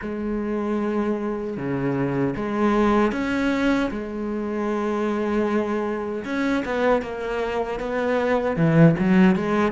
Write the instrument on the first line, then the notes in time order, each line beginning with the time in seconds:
cello
0.01 G#3
1.57 C#3
2.36 G#3
3.12 C#4
3.90 G#3
6.24 C#4
6.65 B3
7.02 A#3
7.79 B3
8.56 E3
8.99 F#3
9.35 G#3